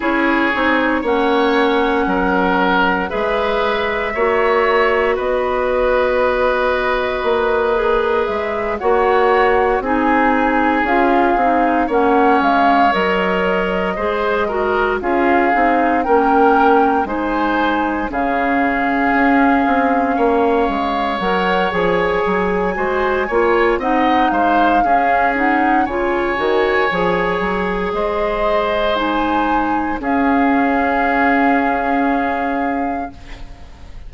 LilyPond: <<
  \new Staff \with { instrumentName = "flute" } { \time 4/4 \tempo 4 = 58 cis''4 fis''2 e''4~ | e''4 dis''2. | e''8 fis''4 gis''4 f''4 fis''8 | f''8 dis''2 f''4 g''8~ |
g''8 gis''4 f''2~ f''8~ | f''8 fis''8 gis''2 fis''8 f''8~ | f''8 fis''8 gis''2 dis''4 | gis''4 f''2. | }
  \new Staff \with { instrumentName = "oboe" } { \time 4/4 gis'4 cis''4 ais'4 b'4 | cis''4 b'2.~ | b'8 cis''4 gis'2 cis''8~ | cis''4. c''8 ais'8 gis'4 ais'8~ |
ais'8 c''4 gis'2 cis''8~ | cis''2 c''8 cis''8 dis''8 c''8 | gis'4 cis''2 c''4~ | c''4 gis'2. | }
  \new Staff \with { instrumentName = "clarinet" } { \time 4/4 e'8 dis'8 cis'2 gis'4 | fis'2.~ fis'8 gis'8~ | gis'8 fis'4 dis'4 f'8 dis'8 cis'8~ | cis'8 ais'4 gis'8 fis'8 f'8 dis'8 cis'8~ |
cis'8 dis'4 cis'2~ cis'8~ | cis'8 ais'8 gis'4 fis'8 f'8 dis'4 | cis'8 dis'8 f'8 fis'8 gis'2 | dis'4 cis'2. | }
  \new Staff \with { instrumentName = "bassoon" } { \time 4/4 cis'8 c'8 ais4 fis4 gis4 | ais4 b2 ais4 | gis8 ais4 c'4 cis'8 c'8 ais8 | gis8 fis4 gis4 cis'8 c'8 ais8~ |
ais8 gis4 cis4 cis'8 c'8 ais8 | gis8 fis8 f8 fis8 gis8 ais8 c'8 gis8 | cis'4 cis8 dis8 f8 fis8 gis4~ | gis4 cis'2. | }
>>